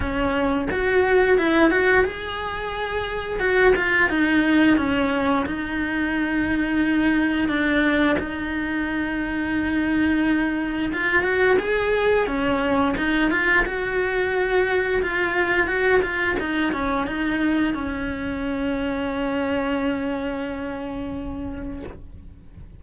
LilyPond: \new Staff \with { instrumentName = "cello" } { \time 4/4 \tempo 4 = 88 cis'4 fis'4 e'8 fis'8 gis'4~ | gis'4 fis'8 f'8 dis'4 cis'4 | dis'2. d'4 | dis'1 |
f'8 fis'8 gis'4 cis'4 dis'8 f'8 | fis'2 f'4 fis'8 f'8 | dis'8 cis'8 dis'4 cis'2~ | cis'1 | }